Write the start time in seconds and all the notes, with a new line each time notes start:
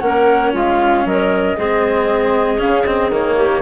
0.00 A#3 C#4 A#4 F#5
0.53 G#3 F4 F5
1.05 F#3 A#4 D#5
1.57 G#3 C4 G#4
2.59 C#3 C#4 F5
2.85 C4 D#5
3.09 D#3 A#3 C#5
3.37 G4